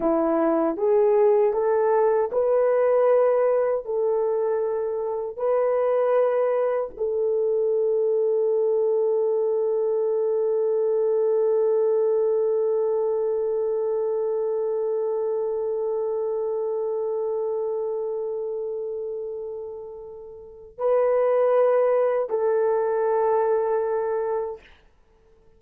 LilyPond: \new Staff \with { instrumentName = "horn" } { \time 4/4 \tempo 4 = 78 e'4 gis'4 a'4 b'4~ | b'4 a'2 b'4~ | b'4 a'2.~ | a'1~ |
a'1~ | a'1~ | a'2. b'4~ | b'4 a'2. | }